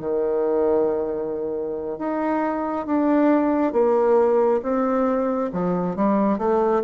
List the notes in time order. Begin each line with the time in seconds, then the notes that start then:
0.00 D#3
1.99 D#4
2.87 D4
3.73 A#3
4.63 C4
5.53 F3
5.96 G3
6.39 A3